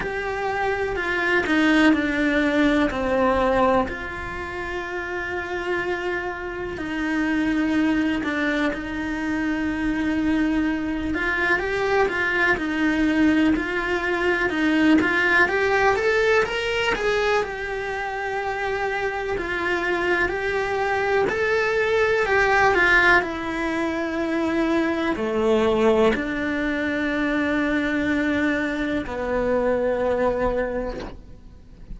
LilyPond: \new Staff \with { instrumentName = "cello" } { \time 4/4 \tempo 4 = 62 g'4 f'8 dis'8 d'4 c'4 | f'2. dis'4~ | dis'8 d'8 dis'2~ dis'8 f'8 | g'8 f'8 dis'4 f'4 dis'8 f'8 |
g'8 a'8 ais'8 gis'8 g'2 | f'4 g'4 a'4 g'8 f'8 | e'2 a4 d'4~ | d'2 b2 | }